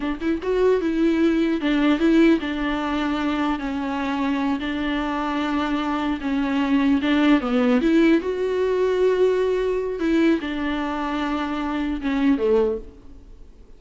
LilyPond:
\new Staff \with { instrumentName = "viola" } { \time 4/4 \tempo 4 = 150 d'8 e'8 fis'4 e'2 | d'4 e'4 d'2~ | d'4 cis'2~ cis'8 d'8~ | d'2.~ d'8 cis'8~ |
cis'4. d'4 b4 e'8~ | e'8 fis'2.~ fis'8~ | fis'4 e'4 d'2~ | d'2 cis'4 a4 | }